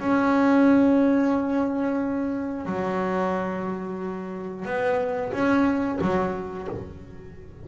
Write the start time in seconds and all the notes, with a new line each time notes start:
0.00 C#4
2.65 F#3
4.66 B3
5.33 C#4
6.02 F#3